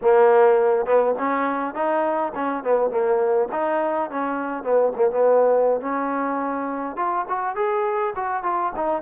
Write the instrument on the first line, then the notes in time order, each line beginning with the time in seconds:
trombone
0.01 A#3
0.86 B3
1.18 C#4
1.74 D#4
2.35 C#4
2.63 B3
2.90 A#3
3.52 D#4
4.10 C#4
4.63 B3
4.96 A#3
5.11 B3
5.80 C#4
6.96 F4
7.28 F#4
7.55 G#4
8.15 F#4
8.43 F4
8.76 D#4